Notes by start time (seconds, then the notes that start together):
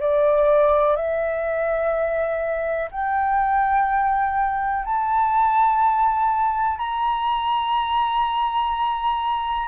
0.00 D5
0.96 E5
2.91 G5
4.85 A5
6.78 A#5